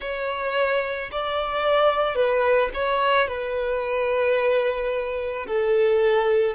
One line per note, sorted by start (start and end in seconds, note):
0.00 1.10 C#5
1.12 2.15 D5
2.15 2.69 B4
2.73 3.28 C#5
3.28 5.46 B4
5.46 6.55 A4